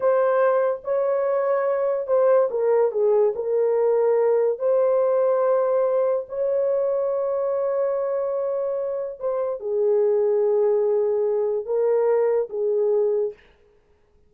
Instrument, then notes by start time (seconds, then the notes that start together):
horn
0.00 C5
0.84 C#5
2.07 C5
2.50 A#4
2.91 G#4
3.35 A#4
4.58 C5
6.28 C#5
9.19 C5
9.60 G#4
11.65 A#4
12.49 G#4